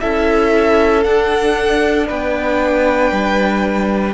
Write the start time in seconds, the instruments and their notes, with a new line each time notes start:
0.00 cello C#4, viola E4, violin A4 E5
1.03 viola D4, cello D4, violin F#5
2.07 cello B3, violin B4 G5
3.11 cello G3